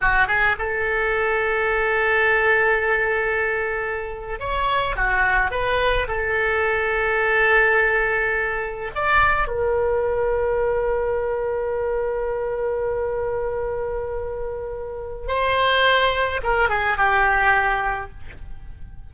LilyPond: \new Staff \with { instrumentName = "oboe" } { \time 4/4 \tempo 4 = 106 fis'8 gis'8 a'2.~ | a'2.~ a'8. cis''16~ | cis''8. fis'4 b'4 a'4~ a'16~ | a'2.~ a'8. d''16~ |
d''8. ais'2.~ ais'16~ | ais'1~ | ais'2. c''4~ | c''4 ais'8 gis'8 g'2 | }